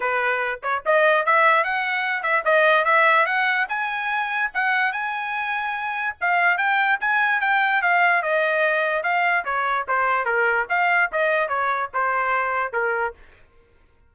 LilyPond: \new Staff \with { instrumentName = "trumpet" } { \time 4/4 \tempo 4 = 146 b'4. cis''8 dis''4 e''4 | fis''4. e''8 dis''4 e''4 | fis''4 gis''2 fis''4 | gis''2. f''4 |
g''4 gis''4 g''4 f''4 | dis''2 f''4 cis''4 | c''4 ais'4 f''4 dis''4 | cis''4 c''2 ais'4 | }